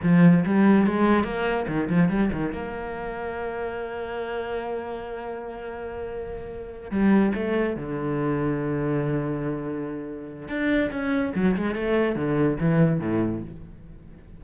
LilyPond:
\new Staff \with { instrumentName = "cello" } { \time 4/4 \tempo 4 = 143 f4 g4 gis4 ais4 | dis8 f8 g8 dis8 ais2~ | ais1~ | ais1~ |
ais8 g4 a4 d4.~ | d1~ | d4 d'4 cis'4 fis8 gis8 | a4 d4 e4 a,4 | }